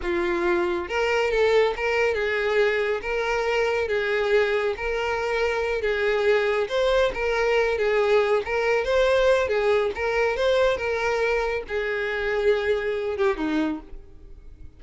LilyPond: \new Staff \with { instrumentName = "violin" } { \time 4/4 \tempo 4 = 139 f'2 ais'4 a'4 | ais'4 gis'2 ais'4~ | ais'4 gis'2 ais'4~ | ais'4. gis'2 c''8~ |
c''8 ais'4. gis'4. ais'8~ | ais'8 c''4. gis'4 ais'4 | c''4 ais'2 gis'4~ | gis'2~ gis'8 g'8 dis'4 | }